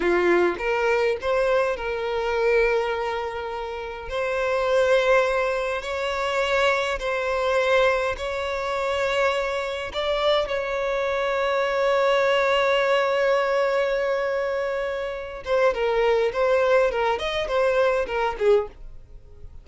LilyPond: \new Staff \with { instrumentName = "violin" } { \time 4/4 \tempo 4 = 103 f'4 ais'4 c''4 ais'4~ | ais'2. c''4~ | c''2 cis''2 | c''2 cis''2~ |
cis''4 d''4 cis''2~ | cis''1~ | cis''2~ cis''8 c''8 ais'4 | c''4 ais'8 dis''8 c''4 ais'8 gis'8 | }